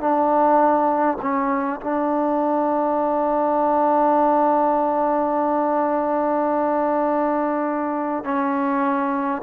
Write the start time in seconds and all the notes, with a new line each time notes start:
0.00 D4
1.21 C#4
1.81 D4
8.24 C#4